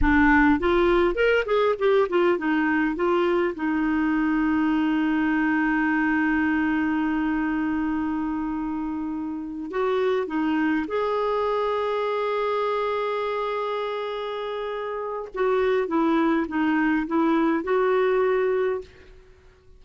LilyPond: \new Staff \with { instrumentName = "clarinet" } { \time 4/4 \tempo 4 = 102 d'4 f'4 ais'8 gis'8 g'8 f'8 | dis'4 f'4 dis'2~ | dis'1~ | dis'1~ |
dis'8 fis'4 dis'4 gis'4.~ | gis'1~ | gis'2 fis'4 e'4 | dis'4 e'4 fis'2 | }